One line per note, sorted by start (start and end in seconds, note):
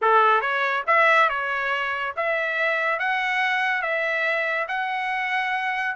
0.01 0.41 A4
0.41 0.83 C#5
0.86 1.29 E5
1.29 2.14 C#5
2.16 2.99 E5
2.99 3.82 F#5
3.82 4.67 E5
4.68 5.95 F#5